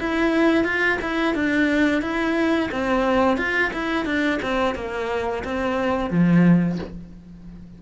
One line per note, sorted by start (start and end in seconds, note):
0.00 0.65 E4
0.65 0.99 F4
1.02 1.35 E4
1.35 2.02 D4
2.02 2.71 E4
2.72 3.38 C4
3.38 3.72 F4
3.73 4.06 E4
4.06 4.40 D4
4.43 4.75 C4
4.75 5.44 A#3
5.45 6.11 C4
6.11 6.79 F3